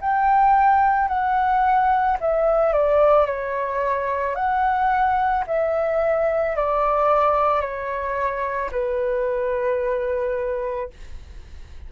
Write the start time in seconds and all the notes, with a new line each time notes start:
0.00 G5
1.08 F#5
2.20 E5
2.72 D5
3.26 C#5
4.35 F#5
5.46 E5
6.56 D5
7.61 C#5
8.71 B4